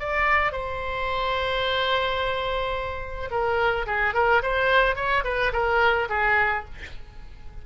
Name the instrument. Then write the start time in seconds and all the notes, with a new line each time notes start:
oboe
0.00 D5
0.52 C5
3.31 A#4
3.87 G#4
4.15 A#4
4.43 C5
4.96 C#5
5.24 B4
5.54 A#4
6.10 G#4